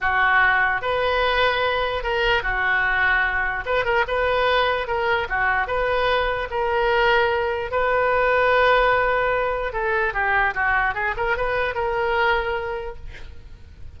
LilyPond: \new Staff \with { instrumentName = "oboe" } { \time 4/4 \tempo 4 = 148 fis'2 b'2~ | b'4 ais'4 fis'2~ | fis'4 b'8 ais'8 b'2 | ais'4 fis'4 b'2 |
ais'2. b'4~ | b'1 | a'4 g'4 fis'4 gis'8 ais'8 | b'4 ais'2. | }